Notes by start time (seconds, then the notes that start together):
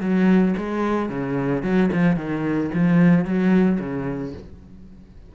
0.00 F#3
0.57 G#3
1.09 C#3
1.62 F#3
1.92 F3
2.16 D#3
2.74 F3
3.25 F#3
3.80 C#3